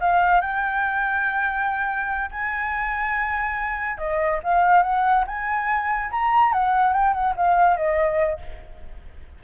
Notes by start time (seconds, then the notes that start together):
0.00 F5
0.41 G5
2.31 G#5
3.98 D#5
4.43 F5
4.82 F#5
5.27 G#5
6.11 A#5
6.52 F#5
6.93 G5
7.13 F#5
7.36 F5
7.76 D#5